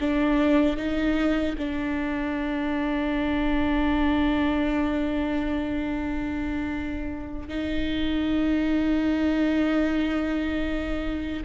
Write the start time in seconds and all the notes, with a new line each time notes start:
0.00 D4
0.77 D#4
1.58 D4
7.49 D#4